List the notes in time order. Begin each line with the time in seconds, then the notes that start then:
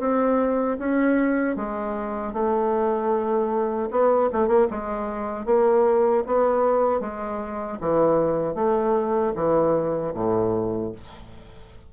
0.00 C4
0.79 C#4
1.57 G#3
2.34 A3
3.91 B3
4.33 A3
4.48 A#3
4.71 G#3
5.46 A#3
6.27 B3
7.01 G#3
7.81 E3
8.55 A3
9.36 E3
10.14 A2